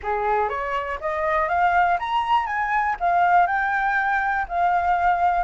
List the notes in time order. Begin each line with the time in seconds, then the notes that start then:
0.02 G#4
0.49 C#5
1.00 D#5
1.48 F5
1.99 A#5
2.46 G#5
3.00 F5
3.46 G5
4.48 F5